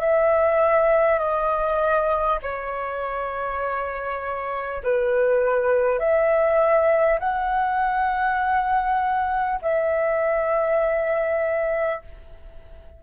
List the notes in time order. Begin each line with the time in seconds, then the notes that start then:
0.00 E5
1.19 D#5
2.42 C#5
4.83 B4
5.99 E5
7.19 F#5
9.62 E5